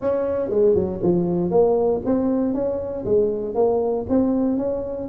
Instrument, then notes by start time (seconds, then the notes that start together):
tuba
0.01 C#4
0.49 G#3
0.74 F#3
1.02 F3
1.50 A#3
2.05 C4
2.54 C#4
3.05 G#3
3.55 A#3
4.09 C4
4.57 C#4